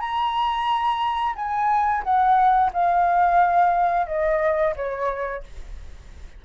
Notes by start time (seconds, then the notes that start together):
0.00 A#5
1.36 G#5
2.03 F#5
2.73 F5
4.07 D#5
4.76 C#5